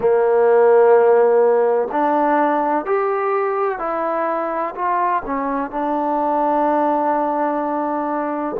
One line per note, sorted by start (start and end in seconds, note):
0.00 1.88 A#3
1.91 2.85 D4
2.85 3.78 G4
3.78 4.74 E4
4.74 5.22 F4
5.25 5.71 C#4
5.71 8.56 D4